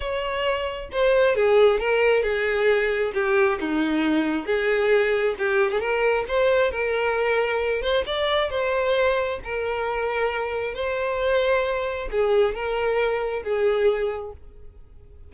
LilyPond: \new Staff \with { instrumentName = "violin" } { \time 4/4 \tempo 4 = 134 cis''2 c''4 gis'4 | ais'4 gis'2 g'4 | dis'2 gis'2 | g'8. gis'16 ais'4 c''4 ais'4~ |
ais'4. c''8 d''4 c''4~ | c''4 ais'2. | c''2. gis'4 | ais'2 gis'2 | }